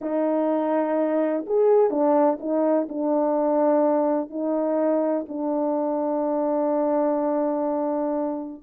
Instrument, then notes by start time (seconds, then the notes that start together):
horn
0.01 D#4
1.46 G#4
1.90 D4
2.40 D#4
2.88 D4
4.30 D#4
5.28 D4